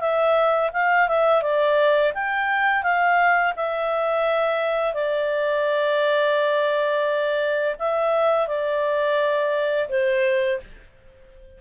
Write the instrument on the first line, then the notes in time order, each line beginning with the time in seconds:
clarinet
0.00 E5
0.73 F5
1.08 E5
1.42 D5
2.14 G5
2.83 F5
3.56 E5
4.93 D5
7.79 E5
8.47 D5
9.89 C5